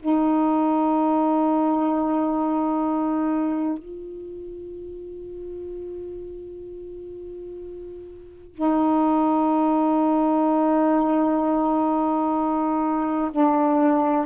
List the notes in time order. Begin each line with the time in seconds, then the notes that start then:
0.00 D#4
3.79 F4
8.55 D#4
13.32 D4